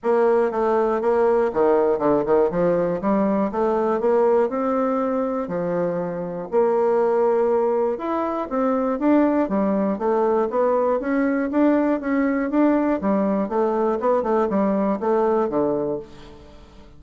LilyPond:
\new Staff \with { instrumentName = "bassoon" } { \time 4/4 \tempo 4 = 120 ais4 a4 ais4 dis4 | d8 dis8 f4 g4 a4 | ais4 c'2 f4~ | f4 ais2. |
e'4 c'4 d'4 g4 | a4 b4 cis'4 d'4 | cis'4 d'4 g4 a4 | b8 a8 g4 a4 d4 | }